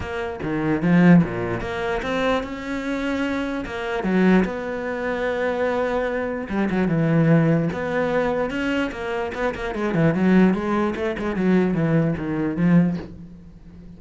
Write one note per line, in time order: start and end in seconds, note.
0.00 0.39 A#3
0.42 0.82 D#3
0.82 1.22 F3
1.23 1.61 A#2
1.61 2.01 A#3
2.02 2.43 C4
2.43 3.64 C#4
3.65 4.03 A#3
4.03 4.44 F#3
4.44 6.47 B3
6.49 6.69 G3
6.70 6.88 F#3
6.88 7.69 E3
7.72 8.50 B3
8.50 8.90 C#4
8.91 9.32 A#3
9.34 9.54 B3
9.55 9.74 A#3
9.74 9.94 G#3
9.94 10.14 E3
10.14 10.54 F#3
10.54 10.94 G#3
10.95 11.15 A3
11.19 11.36 G#3
11.36 11.74 F#3
11.74 12.14 E3
12.17 12.56 D#3
12.56 12.96 F3